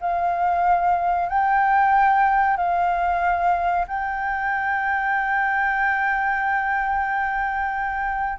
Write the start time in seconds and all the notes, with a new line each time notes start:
0.00 F5
1.28 G5
2.56 F5
3.87 G5